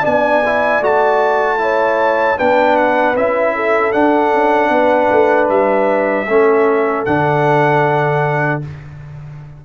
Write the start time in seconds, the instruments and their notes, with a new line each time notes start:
0.00 tuba B3, trombone D4, horn D5, trumpet G#5
0.45 trombone E4
0.80 tuba A3, trombone F#4, trumpet A5
1.58 trombone E4, horn C#5
2.37 tuba B3, trombone D4, horn B4, trumpet G5
2.76 trumpet F#5
3.15 tuba C#4, trombone E4, trumpet E5
3.55 horn A4
3.92 trombone D4, tuba D4, trumpet F#5
4.33 tuba C#4
4.69 tuba B3, horn B4
5.11 tuba A3
5.49 tuba G3, trumpet E5
6.27 tuba A3, trombone C#4, horn A4
7.05 tuba D3, trombone D4, trumpet F#5